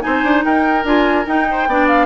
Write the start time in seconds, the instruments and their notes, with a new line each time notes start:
0.00 bassoon C4, clarinet D#4, oboe C5, flute G#5
0.23 bassoon D4
0.44 bassoon D#4, oboe A#4, flute G5
0.84 bassoon D4, clarinet F4, flute G#5
1.26 clarinet D#4, bassoon D#4, flute G5
1.51 oboe C5
1.67 bassoon B3, clarinet D4, oboe D5
1.88 flute F5